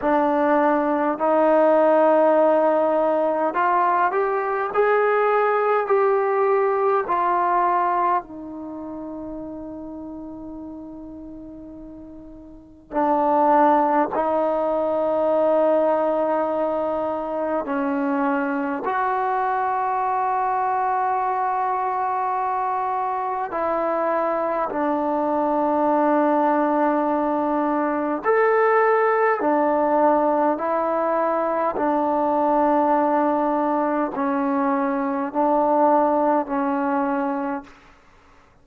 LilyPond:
\new Staff \with { instrumentName = "trombone" } { \time 4/4 \tempo 4 = 51 d'4 dis'2 f'8 g'8 | gis'4 g'4 f'4 dis'4~ | dis'2. d'4 | dis'2. cis'4 |
fis'1 | e'4 d'2. | a'4 d'4 e'4 d'4~ | d'4 cis'4 d'4 cis'4 | }